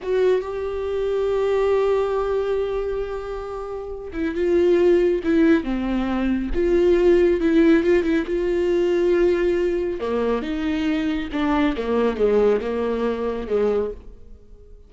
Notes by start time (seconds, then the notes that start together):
0.02 F#4
0.41 G4
4.12 E4
4.35 F4
5.23 E4
5.63 C4
6.54 F4
7.40 E4
7.83 F4
8.03 E4
8.26 F4
10.00 A#3
10.42 D#4
11.32 D4
11.76 A#3
12.17 G#3
12.60 A#3
13.47 G#3